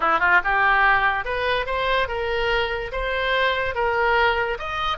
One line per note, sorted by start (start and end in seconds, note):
0.00 0.19 E4
0.19 0.40 F4
0.44 1.24 G4
1.24 1.66 B4
1.66 2.07 C5
2.08 2.91 A#4
2.92 3.74 C5
3.74 4.58 A#4
4.59 4.97 D#5